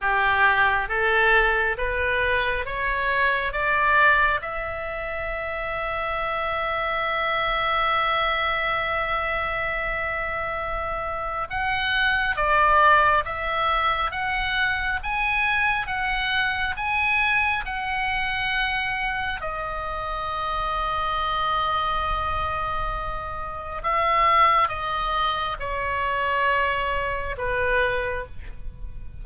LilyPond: \new Staff \with { instrumentName = "oboe" } { \time 4/4 \tempo 4 = 68 g'4 a'4 b'4 cis''4 | d''4 e''2.~ | e''1~ | e''4 fis''4 d''4 e''4 |
fis''4 gis''4 fis''4 gis''4 | fis''2 dis''2~ | dis''2. e''4 | dis''4 cis''2 b'4 | }